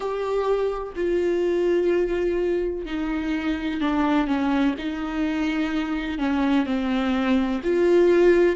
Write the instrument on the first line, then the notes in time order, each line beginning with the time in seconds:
viola
0.00 G4
0.95 F4
2.85 D#4
3.81 D4
4.27 C#4
4.78 D#4
6.18 C#4
6.66 C4
7.63 F4